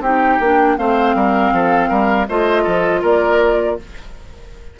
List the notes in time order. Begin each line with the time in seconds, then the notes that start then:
0.00 C4 D#4 G4 G5
0.40 A#3 D4
0.77 A3 C4 C5 F5
1.14 G3 A#4
1.52 F3 A4
1.89 G3 A#4
2.27 A3 F4 C5 D#5
2.63 F3 A4
3.01 A#3 A#4 D5